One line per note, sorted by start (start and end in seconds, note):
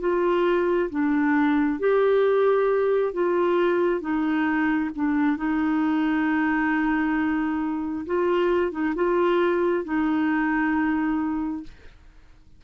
0.00 0.90 F4
0.90 1.79 D4
1.79 3.13 G4
3.13 4.01 F4
4.01 4.90 D#4
4.96 5.37 D4
5.37 8.06 D#4
8.06 8.72 F4
8.72 8.94 D#4
8.96 9.84 F4
9.84 11.63 D#4